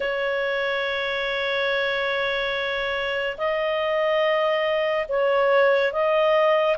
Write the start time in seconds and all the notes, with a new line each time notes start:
0.00 C#5
3.37 D#5
5.08 C#5
5.92 D#5